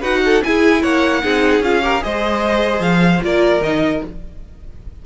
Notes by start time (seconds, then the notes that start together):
0.00 D#4 F#4 B4 F#5
0.25 A4
0.43 E4 G#4 G#5
0.82 A#3 C#5 F#5
1.23 C4 D#4 G#4
1.60 C#4 F4 F5
1.82 G4 A#4
2.01 G#3 G#4 C5 D#5
2.80 F3 F5
3.22 A#3 F4 A#4 D5
3.60 D#3 D#4 D#5